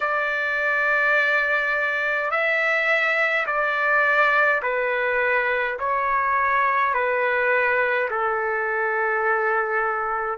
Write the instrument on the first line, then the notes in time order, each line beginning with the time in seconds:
trumpet
0.00 D5
2.30 E5
3.46 D5
4.62 B4
5.78 C#5
6.93 B4
8.10 A4